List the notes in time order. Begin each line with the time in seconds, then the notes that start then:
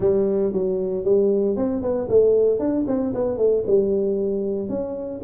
0.00 G3
0.52 F#3
1.04 G3
1.56 C4
1.82 B3
2.09 A3
2.59 D4
2.87 C4
3.14 B3
3.37 A3
3.66 G3
4.69 C#4